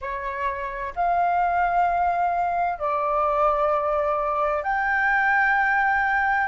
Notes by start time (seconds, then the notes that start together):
0.01 C#5
0.95 F5
2.79 D5
4.63 G5